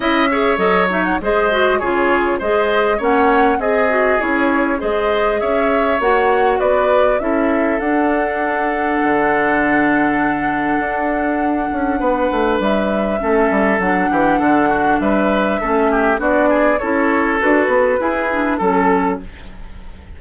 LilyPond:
<<
  \new Staff \with { instrumentName = "flute" } { \time 4/4 \tempo 4 = 100 e''4 dis''8 e''16 fis''16 dis''4 cis''4 | dis''4 fis''4 dis''4 cis''4 | dis''4 e''4 fis''4 d''4 | e''4 fis''2.~ |
fis''1~ | fis''4 e''2 fis''4~ | fis''4 e''2 d''4 | cis''4 b'2 a'4 | }
  \new Staff \with { instrumentName = "oboe" } { \time 4/4 dis''8 cis''4. c''4 gis'4 | c''4 cis''4 gis'2 | c''4 cis''2 b'4 | a'1~ |
a'1 | b'2 a'4. g'8 | a'8 fis'8 b'4 a'8 g'8 fis'8 gis'8 | a'2 gis'4 a'4 | }
  \new Staff \with { instrumentName = "clarinet" } { \time 4/4 e'8 gis'8 a'8 dis'8 gis'8 fis'8 f'4 | gis'4 cis'4 gis'8 fis'8 e'4 | gis'2 fis'2 | e'4 d'2.~ |
d'1~ | d'2 cis'4 d'4~ | d'2 cis'4 d'4 | e'4 fis'4 e'8 d'8 cis'4 | }
  \new Staff \with { instrumentName = "bassoon" } { \time 4/4 cis'4 fis4 gis4 cis4 | gis4 ais4 c'4 cis'4 | gis4 cis'4 ais4 b4 | cis'4 d'2 d4~ |
d2 d'4. cis'8 | b8 a8 g4 a8 g8 fis8 e8 | d4 g4 a4 b4 | cis'4 d'8 b8 e'4 fis4 | }
>>